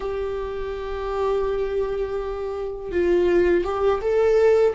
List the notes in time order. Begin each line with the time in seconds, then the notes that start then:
0.00 G4
2.91 F4
3.64 G4
4.01 A4